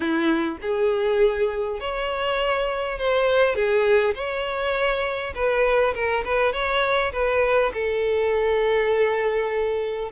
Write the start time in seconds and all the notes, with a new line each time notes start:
0.00 E4
0.61 G#4
1.80 C#5
2.98 C5
3.55 G#4
4.14 C#5
5.34 B4
5.94 A#4
6.24 B4
6.52 C#5
7.12 B4
7.73 A4